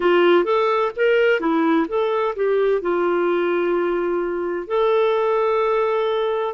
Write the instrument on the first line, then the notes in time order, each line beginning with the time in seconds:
clarinet
0.00 F4
0.44 A4
0.95 A#4
1.39 E4
1.87 A4
2.35 G4
2.81 F4
4.67 A4